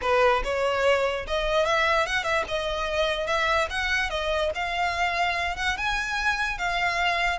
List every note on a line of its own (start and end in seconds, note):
0.01 0.42 B4
0.43 1.26 C#5
1.27 1.65 D#5
1.65 2.06 E5
2.06 2.23 F#5
2.23 2.44 E5
2.48 3.26 D#5
3.26 3.67 E5
3.70 4.09 F#5
4.09 4.51 D#5
4.54 5.56 F5
5.56 5.77 F#5
5.77 6.58 G#5
6.58 7.38 F5